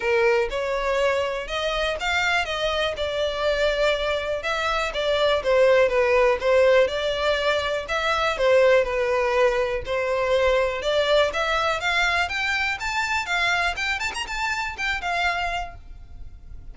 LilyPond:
\new Staff \with { instrumentName = "violin" } { \time 4/4 \tempo 4 = 122 ais'4 cis''2 dis''4 | f''4 dis''4 d''2~ | d''4 e''4 d''4 c''4 | b'4 c''4 d''2 |
e''4 c''4 b'2 | c''2 d''4 e''4 | f''4 g''4 a''4 f''4 | g''8 a''16 ais''16 a''4 g''8 f''4. | }